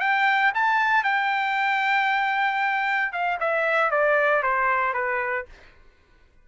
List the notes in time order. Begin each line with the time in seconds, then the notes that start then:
0.00 G5
0.54 A5
1.03 G5
3.12 F5
3.40 E5
3.91 D5
4.43 C5
4.93 B4